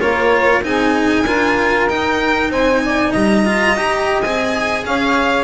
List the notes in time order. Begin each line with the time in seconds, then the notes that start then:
0.00 A#3 F4 A#4 C#5
0.63 C4 D#4 G#4 G#5
1.25 D4 F4 A#4
1.88 D#4 G5
2.50 C4 C5 G#5
2.85 D5
3.12 G3 D#5 A#5
3.45 F4
3.76 D#4 G4
4.22 C4 G#4 G#5
4.86 C#4 C#5 F5